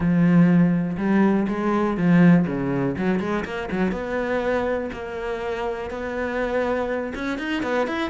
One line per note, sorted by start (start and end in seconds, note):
0.00 0.97 F3
0.97 1.46 G3
1.48 1.97 G#3
1.97 2.46 F3
2.46 2.95 C#3
2.97 3.19 F#3
3.19 3.44 G#3
3.44 3.69 A#3
3.71 3.91 F#3
3.91 4.89 B3
4.92 5.90 A#3
5.90 7.13 B3
7.14 7.38 C#4
7.38 7.62 D#4
7.62 7.87 B3
7.87 8.10 E4